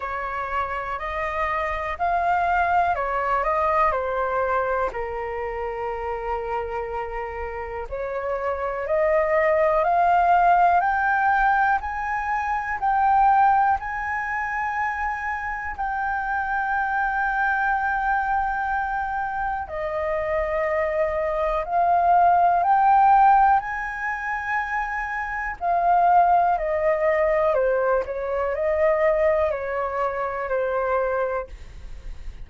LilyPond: \new Staff \with { instrumentName = "flute" } { \time 4/4 \tempo 4 = 61 cis''4 dis''4 f''4 cis''8 dis''8 | c''4 ais'2. | cis''4 dis''4 f''4 g''4 | gis''4 g''4 gis''2 |
g''1 | dis''2 f''4 g''4 | gis''2 f''4 dis''4 | c''8 cis''8 dis''4 cis''4 c''4 | }